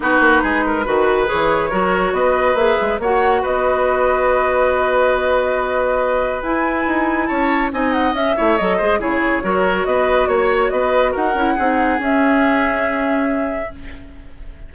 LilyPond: <<
  \new Staff \with { instrumentName = "flute" } { \time 4/4 \tempo 4 = 140 b'2. cis''4~ | cis''4 dis''4 e''4 fis''4 | dis''1~ | dis''2. gis''4~ |
gis''4 a''4 gis''8 fis''8 e''4 | dis''4 cis''2 dis''4 | cis''4 dis''4 fis''2 | e''1 | }
  \new Staff \with { instrumentName = "oboe" } { \time 4/4 fis'4 gis'8 ais'8 b'2 | ais'4 b'2 cis''4 | b'1~ | b'1~ |
b'4 cis''4 dis''4. cis''8~ | cis''8 c''8 gis'4 ais'4 b'4 | cis''4 b'4 ais'4 gis'4~ | gis'1 | }
  \new Staff \with { instrumentName = "clarinet" } { \time 4/4 dis'2 fis'4 gis'4 | fis'2 gis'4 fis'4~ | fis'1~ | fis'2. e'4~ |
e'2 dis'4 cis'8 e'8 | a'8 gis'8 e'4 fis'2~ | fis'2~ fis'8 e'8 dis'4 | cis'1 | }
  \new Staff \with { instrumentName = "bassoon" } { \time 4/4 b8 ais8 gis4 dis4 e4 | fis4 b4 ais8 gis8 ais4 | b1~ | b2. e'4 |
dis'4 cis'4 c'4 cis'8 a8 | fis8 gis8 cis4 fis4 b4 | ais4 b4 dis'8 cis'8 c'4 | cis'1 | }
>>